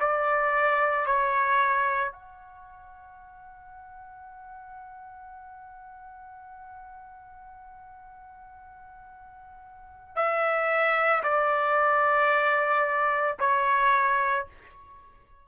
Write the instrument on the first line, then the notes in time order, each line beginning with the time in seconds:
trumpet
0.00 D5
1.06 C#5
2.12 F#5
10.16 E5
11.23 D5
13.39 C#5